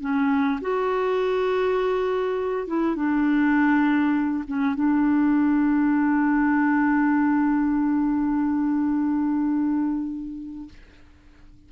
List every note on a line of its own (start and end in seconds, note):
0.00 0.59 C#4
0.61 2.67 F#4
2.67 2.95 E4
2.95 4.44 D4
4.47 4.74 C#4
4.74 10.68 D4